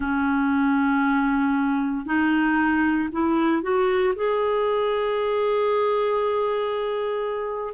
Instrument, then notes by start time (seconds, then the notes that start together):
clarinet
0.00 C#4
2.05 D#4
3.11 E4
3.62 F#4
4.15 G#4